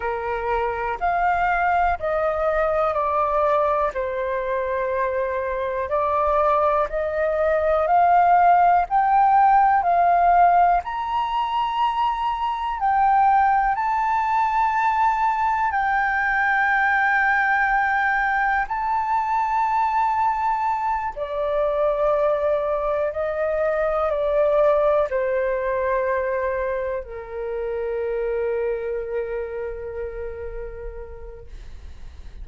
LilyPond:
\new Staff \with { instrumentName = "flute" } { \time 4/4 \tempo 4 = 61 ais'4 f''4 dis''4 d''4 | c''2 d''4 dis''4 | f''4 g''4 f''4 ais''4~ | ais''4 g''4 a''2 |
g''2. a''4~ | a''4. d''2 dis''8~ | dis''8 d''4 c''2 ais'8~ | ais'1 | }